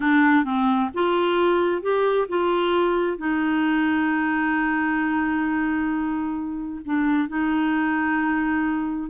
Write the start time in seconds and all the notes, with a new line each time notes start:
0.00 D4
0.44 C4
0.94 F4
1.82 G4
2.28 F4
3.17 D#4
6.85 D4
7.28 D#4